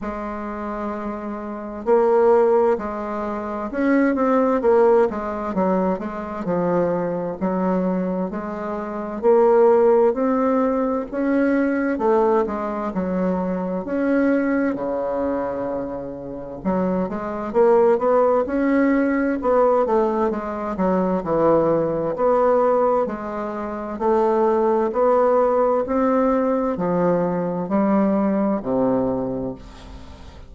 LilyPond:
\new Staff \with { instrumentName = "bassoon" } { \time 4/4 \tempo 4 = 65 gis2 ais4 gis4 | cis'8 c'8 ais8 gis8 fis8 gis8 f4 | fis4 gis4 ais4 c'4 | cis'4 a8 gis8 fis4 cis'4 |
cis2 fis8 gis8 ais8 b8 | cis'4 b8 a8 gis8 fis8 e4 | b4 gis4 a4 b4 | c'4 f4 g4 c4 | }